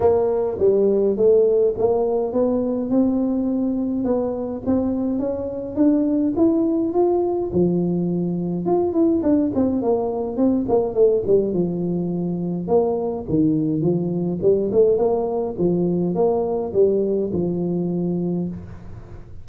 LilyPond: \new Staff \with { instrumentName = "tuba" } { \time 4/4 \tempo 4 = 104 ais4 g4 a4 ais4 | b4 c'2 b4 | c'4 cis'4 d'4 e'4 | f'4 f2 f'8 e'8 |
d'8 c'8 ais4 c'8 ais8 a8 g8 | f2 ais4 dis4 | f4 g8 a8 ais4 f4 | ais4 g4 f2 | }